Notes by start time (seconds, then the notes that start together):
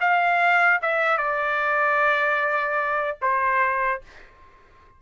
0.00 F5
0.81 E5
1.17 D5
3.21 C5